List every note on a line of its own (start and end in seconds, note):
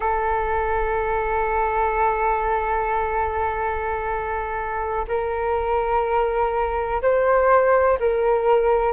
0.00 5.05 A4
5.08 7.01 A#4
7.02 7.98 C5
7.99 8.93 A#4